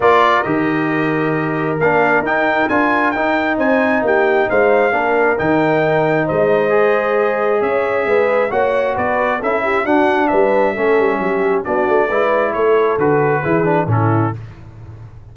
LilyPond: <<
  \new Staff \with { instrumentName = "trumpet" } { \time 4/4 \tempo 4 = 134 d''4 dis''2. | f''4 g''4 gis''4 g''4 | gis''4 g''4 f''2 | g''2 dis''2~ |
dis''4 e''2 fis''4 | d''4 e''4 fis''4 e''4~ | e''2 d''2 | cis''4 b'2 a'4 | }
  \new Staff \with { instrumentName = "horn" } { \time 4/4 ais'1~ | ais'1 | c''4 g'4 c''4 ais'4~ | ais'2 c''2~ |
c''4 cis''4 b'4 cis''4 | b'4 a'8 g'8 fis'4 b'4 | a'4 g'4 fis'4 b'4 | a'2 gis'4 e'4 | }
  \new Staff \with { instrumentName = "trombone" } { \time 4/4 f'4 g'2. | d'4 dis'4 f'4 dis'4~ | dis'2. d'4 | dis'2. gis'4~ |
gis'2. fis'4~ | fis'4 e'4 d'2 | cis'2 d'4 e'4~ | e'4 fis'4 e'8 d'8 cis'4 | }
  \new Staff \with { instrumentName = "tuba" } { \time 4/4 ais4 dis2. | ais4 dis'4 d'4 dis'4 | c'4 ais4 gis4 ais4 | dis2 gis2~ |
gis4 cis'4 gis4 ais4 | b4 cis'4 d'4 g4 | a8 g8 fis4 b8 a8 gis4 | a4 d4 e4 a,4 | }
>>